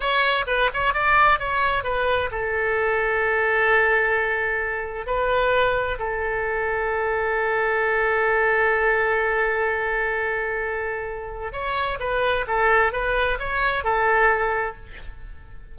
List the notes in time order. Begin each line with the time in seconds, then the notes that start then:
0.00 C#5
0.47 B4
0.73 C#5
0.93 D5
1.39 C#5
1.83 B4
2.31 A4
5.06 B4
5.99 A4
11.52 C#5
11.99 B4
12.47 A4
12.92 B4
13.39 C#5
13.83 A4